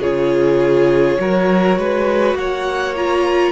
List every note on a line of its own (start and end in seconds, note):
0.00 1.18 C#3
0.00 1.18 F4
0.00 1.18 G#4
0.00 2.36 C#5
1.18 1.78 F#3
1.18 2.95 F#4
1.18 1.79 A#4
1.78 2.35 G#3
1.78 2.38 B4
2.35 3.52 A#3
2.35 3.52 C#5
2.35 2.95 F#5
2.96 3.52 F4
2.96 3.52 A#5